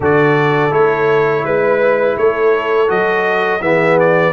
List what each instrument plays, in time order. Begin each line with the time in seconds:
0.00 tuba D3, trombone F#4, horn A4, trumpet D5
0.70 tuba A3, trombone E4, trumpet C#5
1.44 tuba G#3, trumpet B4, horn B4
2.17 tuba A3, horn A4, trumpet C#5
2.87 tuba F#3, trombone F#4, trumpet D#5
3.60 tuba E3, trombone B3, horn G#4, trumpet E5
3.99 trumpet D5